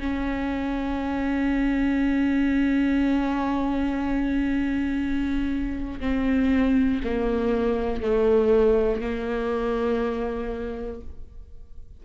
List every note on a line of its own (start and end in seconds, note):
0.00 6.00 C#4
6.01 7.01 C4
7.05 8.03 A#3
8.03 9.01 A3
9.01 11.01 A#3